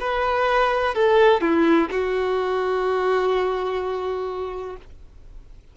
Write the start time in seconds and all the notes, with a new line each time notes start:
0.00 B4
0.94 A4
1.41 E4
1.91 F#4